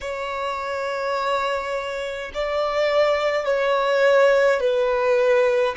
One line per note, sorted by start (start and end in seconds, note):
0.00 2.31 C#5
2.33 3.45 D5
3.45 4.59 C#5
4.59 5.75 B4